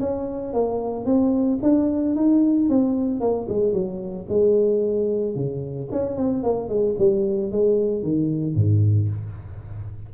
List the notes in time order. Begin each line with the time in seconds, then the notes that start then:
0.00 C#4
0.53 A#3
1.05 C4
1.62 D4
2.16 D#4
2.69 C4
3.20 A#3
3.49 G#3
3.73 F#3
4.29 G#3
5.35 C#3
5.91 C#4
6.16 C4
6.43 A#3
6.68 G#3
6.98 G3
7.51 G#3
8.02 D#3
8.55 G#2